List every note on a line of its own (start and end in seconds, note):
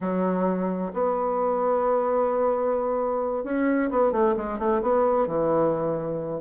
0.01 0.92 F#3
0.93 3.44 B3
3.44 3.89 C#4
3.90 4.12 B3
4.12 4.35 A3
4.36 4.58 G#3
4.58 4.81 A3
4.82 5.27 B3
5.27 6.41 E3